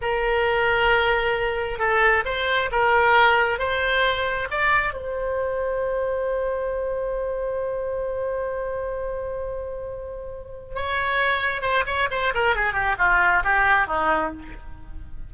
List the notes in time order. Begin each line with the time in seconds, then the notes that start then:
0.01 A#4
1.78 A4
2.25 C5
2.71 A#4
3.58 C5
4.50 D5
4.93 C5
10.75 C#5
11.61 C5
11.86 C#5
12.11 C5
12.34 A#4
12.55 G#4
12.73 G4
12.98 F4
13.44 G4
13.87 D#4